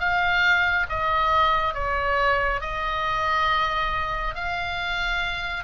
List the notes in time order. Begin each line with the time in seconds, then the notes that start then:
0.00 F5
0.90 D#5
1.74 C#5
2.61 D#5
4.35 F5